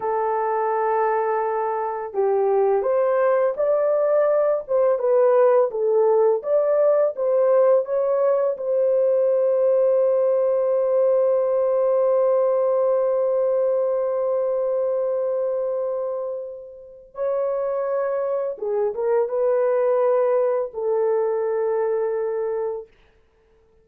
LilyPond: \new Staff \with { instrumentName = "horn" } { \time 4/4 \tempo 4 = 84 a'2. g'4 | c''4 d''4. c''8 b'4 | a'4 d''4 c''4 cis''4 | c''1~ |
c''1~ | c''1 | cis''2 gis'8 ais'8 b'4~ | b'4 a'2. | }